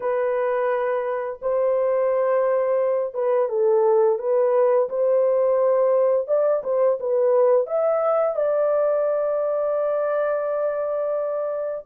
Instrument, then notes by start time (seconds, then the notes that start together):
horn
0.00 B4
1.41 C5
3.14 B4
3.49 A4
4.19 B4
4.89 C5
6.27 D5
6.63 C5
7.00 B4
7.66 E5
8.36 D5